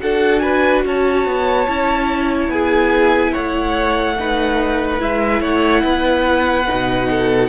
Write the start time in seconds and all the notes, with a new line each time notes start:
0.00 D4 F#4 A4 F#5
0.40 B4 G#5
0.86 C#4 C#5 A5
1.26 B3
1.68 C#4 E4
2.49 B3 G#4 G#5
3.32 A3 C#5 F#5
4.19 D#4 B4
4.99 G#3 E4 E5
5.41 A3 C#5 F#5
5.83 B3 B4
6.68 B2 D#4
7.10 A4